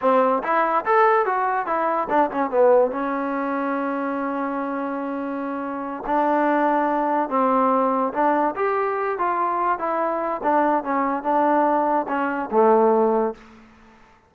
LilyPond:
\new Staff \with { instrumentName = "trombone" } { \time 4/4 \tempo 4 = 144 c'4 e'4 a'4 fis'4 | e'4 d'8 cis'8 b4 cis'4~ | cis'1~ | cis'2~ cis'8 d'4.~ |
d'4. c'2 d'8~ | d'8 g'4. f'4. e'8~ | e'4 d'4 cis'4 d'4~ | d'4 cis'4 a2 | }